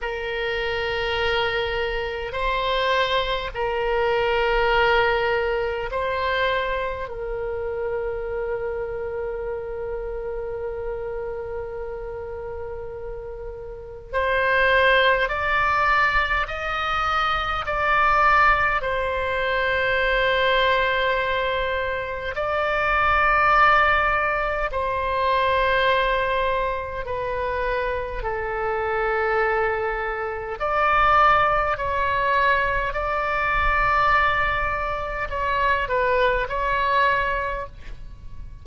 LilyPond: \new Staff \with { instrumentName = "oboe" } { \time 4/4 \tempo 4 = 51 ais'2 c''4 ais'4~ | ais'4 c''4 ais'2~ | ais'1 | c''4 d''4 dis''4 d''4 |
c''2. d''4~ | d''4 c''2 b'4 | a'2 d''4 cis''4 | d''2 cis''8 b'8 cis''4 | }